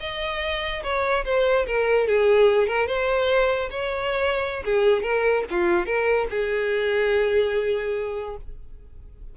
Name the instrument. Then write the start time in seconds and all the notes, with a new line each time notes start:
violin
0.00 D#5
0.83 C#5
1.25 C5
1.66 A#4
2.07 G#4
2.68 A#4
2.87 C5
3.70 C#5
4.65 G#4
5.03 A#4
5.51 F4
5.86 A#4
6.30 G#4